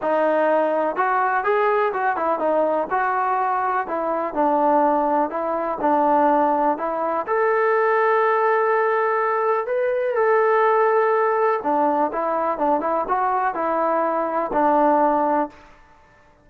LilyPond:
\new Staff \with { instrumentName = "trombone" } { \time 4/4 \tempo 4 = 124 dis'2 fis'4 gis'4 | fis'8 e'8 dis'4 fis'2 | e'4 d'2 e'4 | d'2 e'4 a'4~ |
a'1 | b'4 a'2. | d'4 e'4 d'8 e'8 fis'4 | e'2 d'2 | }